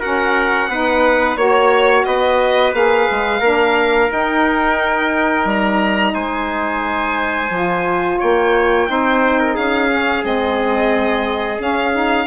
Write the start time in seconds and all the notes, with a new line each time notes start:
0.00 C#4 F#4 A#4 F#5
0.68 B3 D#4 B4
1.37 A#3 F#4 C#5
2.05 B3 B4 D#5
2.73 A#3 G#4 F5
3.11 G#3
3.40 A#3 D4 A#4
4.08 D#4 G5
5.45 G3 A#5
6.14 G#3 C5 G#5
7.50 F3 F4
8.19 A#3 C#5 G5
8.87 C4 D#4 C5
9.40 A#4
9.54 C#4 G#4 F5
9.91 C#4
10.22 G#3 C4 D#5
11.58 C#4 F5
11.93 D#4